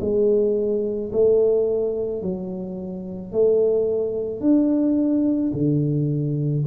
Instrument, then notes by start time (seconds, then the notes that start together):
tuba
0.00 G#3
1.12 A3
2.22 F#3
3.32 A3
4.40 D4
5.53 D3